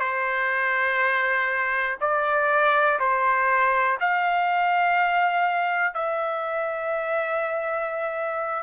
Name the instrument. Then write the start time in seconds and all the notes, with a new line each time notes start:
trumpet
0.00 C5
2.00 D5
2.99 C5
4.00 F5
5.94 E5